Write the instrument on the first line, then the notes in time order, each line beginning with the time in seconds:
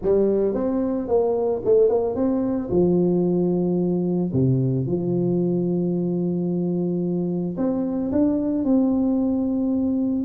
tuba
0.02 G3
0.54 C4
1.07 A#3
1.65 A3
1.89 A#3
2.15 C4
2.70 F3
4.32 C3
4.86 F3
7.57 C4
8.12 D4
8.64 C4